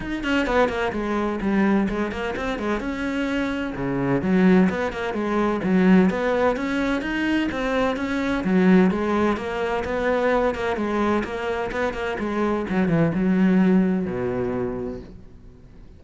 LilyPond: \new Staff \with { instrumentName = "cello" } { \time 4/4 \tempo 4 = 128 dis'8 cis'8 b8 ais8 gis4 g4 | gis8 ais8 c'8 gis8 cis'2 | cis4 fis4 b8 ais8 gis4 | fis4 b4 cis'4 dis'4 |
c'4 cis'4 fis4 gis4 | ais4 b4. ais8 gis4 | ais4 b8 ais8 gis4 fis8 e8 | fis2 b,2 | }